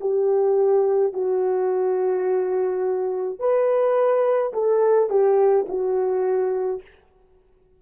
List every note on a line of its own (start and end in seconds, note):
0.00 1.13 G4
1.13 3.39 F#4
3.39 4.52 B4
4.53 5.09 A4
5.09 5.66 G4
5.68 6.81 F#4